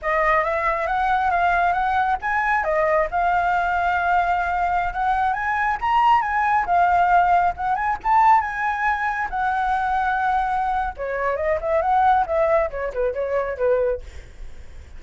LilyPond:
\new Staff \with { instrumentName = "flute" } { \time 4/4 \tempo 4 = 137 dis''4 e''4 fis''4 f''4 | fis''4 gis''4 dis''4 f''4~ | f''2.~ f''16 fis''8.~ | fis''16 gis''4 ais''4 gis''4 f''8.~ |
f''4~ f''16 fis''8 gis''8 a''4 gis''8.~ | gis''4~ gis''16 fis''2~ fis''8.~ | fis''4 cis''4 dis''8 e''8 fis''4 | e''4 cis''8 b'8 cis''4 b'4 | }